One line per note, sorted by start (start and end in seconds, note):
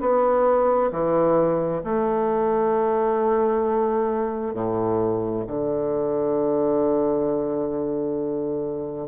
0.00 0.91 B3
0.91 1.82 E3
1.84 4.54 A3
4.54 5.45 A2
5.47 9.08 D3